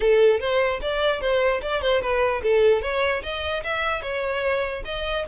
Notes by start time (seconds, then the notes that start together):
0.00 A4
0.40 C5
0.81 D5
1.20 C5
1.62 D5
1.81 C5
2.01 B4
2.43 A4
2.82 C#5
3.23 D#5
3.63 E5
4.02 C#5
4.84 D#5